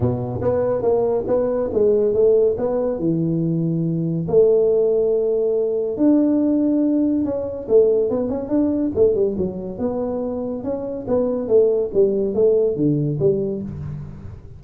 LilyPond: \new Staff \with { instrumentName = "tuba" } { \time 4/4 \tempo 4 = 141 b,4 b4 ais4 b4 | gis4 a4 b4 e4~ | e2 a2~ | a2 d'2~ |
d'4 cis'4 a4 b8 cis'8 | d'4 a8 g8 fis4 b4~ | b4 cis'4 b4 a4 | g4 a4 d4 g4 | }